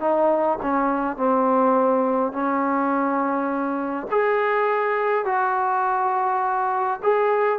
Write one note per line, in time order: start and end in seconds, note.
0.00 0.58 D#4
0.62 1.17 C#4
1.17 2.32 C4
2.32 4.07 C#4
4.11 5.25 G#4
5.25 7.00 F#4
7.03 7.59 G#4